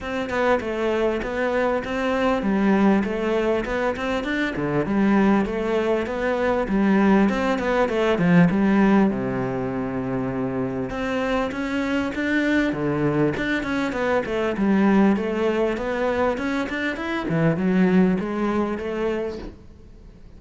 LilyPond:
\new Staff \with { instrumentName = "cello" } { \time 4/4 \tempo 4 = 99 c'8 b8 a4 b4 c'4 | g4 a4 b8 c'8 d'8 d8 | g4 a4 b4 g4 | c'8 b8 a8 f8 g4 c4~ |
c2 c'4 cis'4 | d'4 d4 d'8 cis'8 b8 a8 | g4 a4 b4 cis'8 d'8 | e'8 e8 fis4 gis4 a4 | }